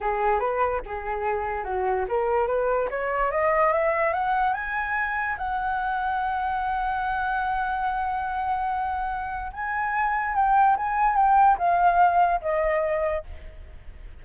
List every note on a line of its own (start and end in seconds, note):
0.01 0.39 G#4
0.39 0.81 B4
0.85 1.63 G#4
1.63 2.05 F#4
2.08 2.47 A#4
2.47 2.88 B4
2.90 3.31 C#5
3.31 3.72 D#5
3.73 4.13 E5
4.13 4.53 F#5
4.53 5.36 G#5
5.37 9.51 F#5
9.52 10.35 G#5
10.35 10.76 G5
10.76 11.15 G#5
11.15 11.57 G5
11.58 12.40 F5
12.41 13.24 D#5